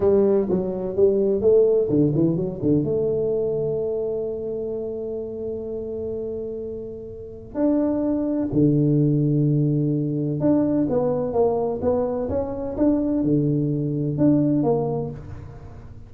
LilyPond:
\new Staff \with { instrumentName = "tuba" } { \time 4/4 \tempo 4 = 127 g4 fis4 g4 a4 | d8 e8 fis8 d8 a2~ | a1~ | a1 |
d'2 d2~ | d2 d'4 b4 | ais4 b4 cis'4 d'4 | d2 d'4 ais4 | }